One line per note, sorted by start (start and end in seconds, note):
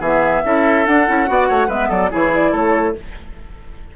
0.00 0.42 E3
0.00 0.45 B3
0.00 0.42 G#4
0.00 0.86 E5
0.45 0.87 C#4
0.45 0.86 E4
0.45 1.30 A4
0.86 1.07 D4
0.86 1.08 D4
0.86 1.70 F#5
1.07 1.29 C#4
1.07 1.26 E4
1.26 1.50 B3
1.26 1.68 F#4
1.26 1.48 D5
1.48 1.68 A3
1.48 1.67 C#5
1.67 1.89 G#3
1.67 2.11 B3
1.67 1.88 B4
1.67 1.91 E5
1.89 2.11 F#3
1.89 2.10 A4
1.89 2.12 D5
2.11 2.53 E3
2.11 2.94 E4
2.11 2.52 G#4
2.11 2.33 C#5
2.34 2.54 D5
2.52 2.95 A3
2.52 2.94 A4
2.52 2.96 C#5